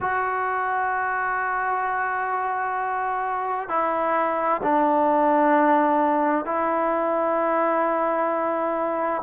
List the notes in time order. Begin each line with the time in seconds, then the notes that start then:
0.00 F#4
3.68 E4
4.62 D4
6.45 E4